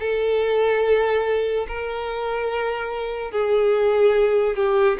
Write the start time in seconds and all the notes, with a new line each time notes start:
0.00 A4
1.68 A#4
3.31 G#4
4.56 G4